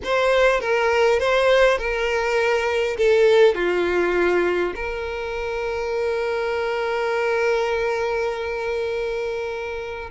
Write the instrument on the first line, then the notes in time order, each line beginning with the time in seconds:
violin
0.04 C5
0.60 A#4
1.19 C5
1.78 A#4
2.97 A4
3.55 F4
4.75 A#4